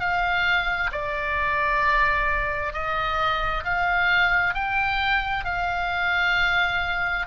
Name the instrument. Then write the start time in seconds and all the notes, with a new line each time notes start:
oboe
0.00 F5
0.92 D5
2.73 D#5
3.64 F5
4.55 G5
5.45 F5